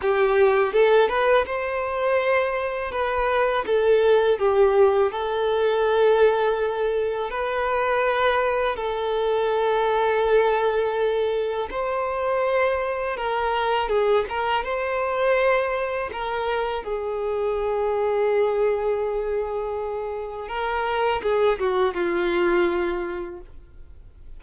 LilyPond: \new Staff \with { instrumentName = "violin" } { \time 4/4 \tempo 4 = 82 g'4 a'8 b'8 c''2 | b'4 a'4 g'4 a'4~ | a'2 b'2 | a'1 |
c''2 ais'4 gis'8 ais'8 | c''2 ais'4 gis'4~ | gis'1 | ais'4 gis'8 fis'8 f'2 | }